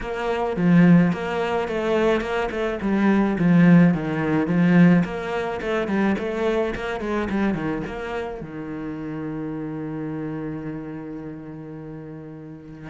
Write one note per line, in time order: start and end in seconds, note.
0.00 0.56 A#3
0.56 1.12 F3
1.12 1.67 A#3
1.67 2.20 A3
2.20 2.49 A#3
2.51 2.79 A3
2.81 3.37 G3
3.38 3.94 F3
3.94 4.47 D#3
4.47 5.03 F3
5.04 5.60 A#3
5.61 5.87 A3
5.87 6.15 G3
6.18 6.74 A3
6.75 7.00 A#3
7.00 7.28 G#3
7.29 7.54 G3
7.54 7.82 D#3
7.86 8.41 A#3
8.41 12.89 D#3